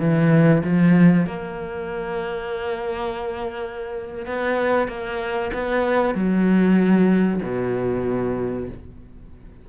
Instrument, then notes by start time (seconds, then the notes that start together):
cello
0.00 E3
0.64 F3
1.26 A#3
4.26 B3
4.88 A#3
5.54 B3
6.15 F#3
7.43 B2